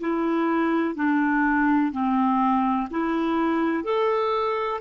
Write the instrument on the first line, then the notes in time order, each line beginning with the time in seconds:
clarinet
0.00 E4
0.95 D4
1.92 C4
2.91 E4
3.84 A4